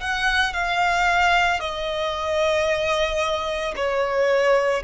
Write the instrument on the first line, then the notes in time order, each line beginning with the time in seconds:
violin
0.00 F#5
0.53 F5
1.60 D#5
3.75 C#5